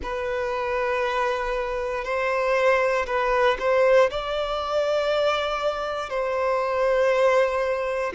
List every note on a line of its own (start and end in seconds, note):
0.02 2.04 B4
2.04 3.06 C5
3.06 3.57 B4
3.59 4.10 C5
4.10 6.09 D5
6.09 8.13 C5